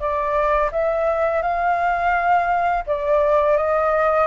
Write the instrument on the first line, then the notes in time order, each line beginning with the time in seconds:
flute
0.00 D5
0.72 E5
1.42 F5
2.87 D5
3.57 D#5